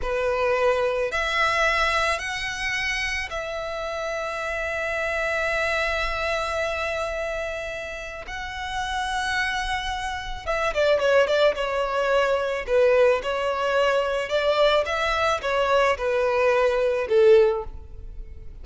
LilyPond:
\new Staff \with { instrumentName = "violin" } { \time 4/4 \tempo 4 = 109 b'2 e''2 | fis''2 e''2~ | e''1~ | e''2. fis''4~ |
fis''2. e''8 d''8 | cis''8 d''8 cis''2 b'4 | cis''2 d''4 e''4 | cis''4 b'2 a'4 | }